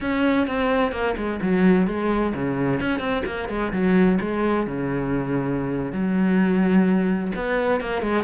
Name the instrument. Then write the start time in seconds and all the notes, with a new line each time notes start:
cello
0.00 C#4
0.47 C4
0.92 A#3
1.16 G#3
1.42 F#3
1.87 G#3
2.34 C#3
2.80 C#4
2.99 C4
3.25 A#3
3.48 G#3
3.72 F#3
4.21 G#3
4.67 C#3
5.92 F#3
7.35 B3
7.80 A#3
8.02 G#3